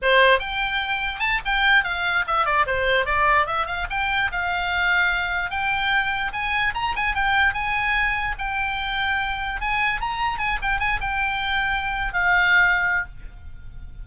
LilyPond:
\new Staff \with { instrumentName = "oboe" } { \time 4/4 \tempo 4 = 147 c''4 g''2 a''8 g''8~ | g''8 f''4 e''8 d''8 c''4 d''8~ | d''8 e''8 f''8 g''4 f''4.~ | f''4. g''2 gis''8~ |
gis''8 ais''8 gis''8 g''4 gis''4.~ | gis''8 g''2. gis''8~ | gis''8 ais''4 gis''8 g''8 gis''8 g''4~ | g''4.~ g''16 f''2~ f''16 | }